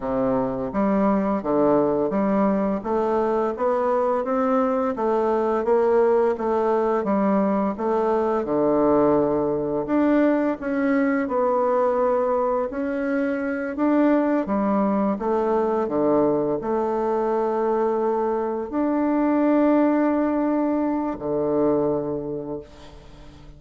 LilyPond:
\new Staff \with { instrumentName = "bassoon" } { \time 4/4 \tempo 4 = 85 c4 g4 d4 g4 | a4 b4 c'4 a4 | ais4 a4 g4 a4 | d2 d'4 cis'4 |
b2 cis'4. d'8~ | d'8 g4 a4 d4 a8~ | a2~ a8 d'4.~ | d'2 d2 | }